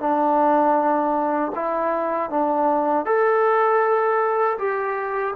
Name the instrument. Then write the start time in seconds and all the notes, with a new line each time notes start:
trombone
0.00 D4
1.55 E4
2.30 D4
3.06 A4
4.58 G4